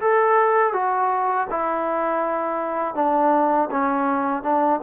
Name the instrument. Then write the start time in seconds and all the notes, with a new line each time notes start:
trombone
0.00 A4
0.73 F#4
1.49 E4
2.95 D4
3.70 C#4
4.42 D4